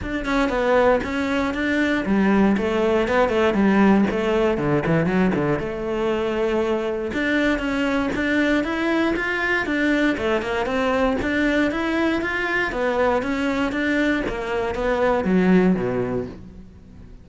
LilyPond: \new Staff \with { instrumentName = "cello" } { \time 4/4 \tempo 4 = 118 d'8 cis'8 b4 cis'4 d'4 | g4 a4 b8 a8 g4 | a4 d8 e8 fis8 d8 a4~ | a2 d'4 cis'4 |
d'4 e'4 f'4 d'4 | a8 ais8 c'4 d'4 e'4 | f'4 b4 cis'4 d'4 | ais4 b4 fis4 b,4 | }